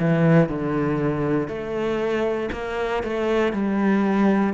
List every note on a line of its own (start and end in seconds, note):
0.00 0.49 E3
0.49 1.48 D3
1.48 2.50 A3
2.52 3.03 A#3
3.04 3.53 A3
3.53 4.54 G3